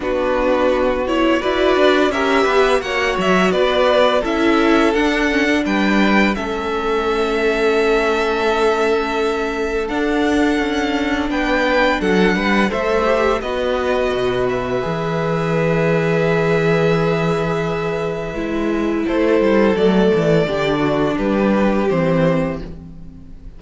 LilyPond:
<<
  \new Staff \with { instrumentName = "violin" } { \time 4/4 \tempo 4 = 85 b'4. cis''8 d''4 e''4 | fis''8 e''8 d''4 e''4 fis''4 | g''4 e''2.~ | e''2 fis''2 |
g''4 fis''4 e''4 dis''4~ | dis''8 e''2.~ e''8~ | e''2. c''4 | d''2 b'4 c''4 | }
  \new Staff \with { instrumentName = "violin" } { \time 4/4 fis'2 b'4 ais'8 b'8 | cis''4 b'4 a'2 | b'4 a'2.~ | a'1 |
b'4 a'8 b'8 c''4 b'4~ | b'1~ | b'2. a'4~ | a'4 g'8 fis'8 g'2 | }
  \new Staff \with { instrumentName = "viola" } { \time 4/4 d'4. e'8 fis'4 g'4 | fis'2 e'4 d'8 cis'16 d'16~ | d'4 cis'2.~ | cis'2 d'2~ |
d'2 a'8 g'8 fis'4~ | fis'4 gis'2.~ | gis'2 e'2 | a4 d'2 c'4 | }
  \new Staff \with { instrumentName = "cello" } { \time 4/4 b2 e'8 d'8 cis'8 b8 | ais8 fis8 b4 cis'4 d'4 | g4 a2.~ | a2 d'4 cis'4 |
b4 fis8 g8 a4 b4 | b,4 e2.~ | e2 gis4 a8 g8 | fis8 e8 d4 g4 e4 | }
>>